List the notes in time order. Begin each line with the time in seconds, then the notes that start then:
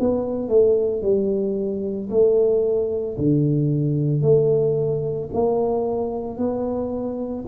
0.00 B3
0.49 A3
1.02 G3
2.10 A3
3.18 D3
4.23 A3
5.34 A#3
6.38 B3